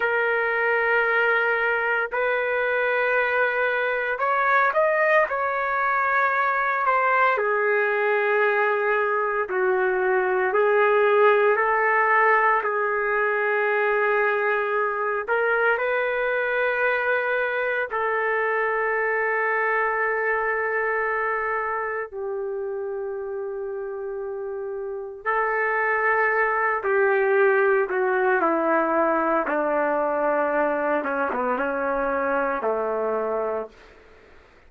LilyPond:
\new Staff \with { instrumentName = "trumpet" } { \time 4/4 \tempo 4 = 57 ais'2 b'2 | cis''8 dis''8 cis''4. c''8 gis'4~ | gis'4 fis'4 gis'4 a'4 | gis'2~ gis'8 ais'8 b'4~ |
b'4 a'2.~ | a'4 g'2. | a'4. g'4 fis'8 e'4 | d'4. cis'16 b16 cis'4 a4 | }